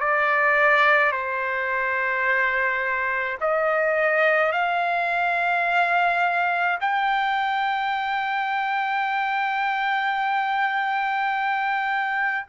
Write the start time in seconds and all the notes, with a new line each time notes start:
0.00 D5
1.12 C5
3.41 D#5
4.52 F5
6.80 G5